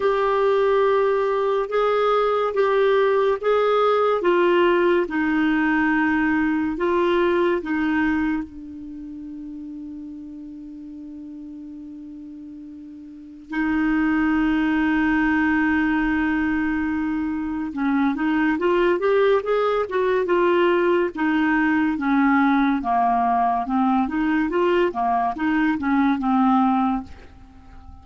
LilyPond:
\new Staff \with { instrumentName = "clarinet" } { \time 4/4 \tempo 4 = 71 g'2 gis'4 g'4 | gis'4 f'4 dis'2 | f'4 dis'4 d'2~ | d'1 |
dis'1~ | dis'4 cis'8 dis'8 f'8 g'8 gis'8 fis'8 | f'4 dis'4 cis'4 ais4 | c'8 dis'8 f'8 ais8 dis'8 cis'8 c'4 | }